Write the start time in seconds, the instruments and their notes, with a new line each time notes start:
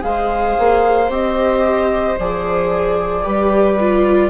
0.00 bassoon G#3, viola G#4 C5, flute F5
0.58 bassoon A#3
1.09 bassoon C4, viola G4, flute D#5
2.18 bassoon F3, viola G#4, flute D5
3.23 bassoon G3, viola G4 B4
3.80 viola F4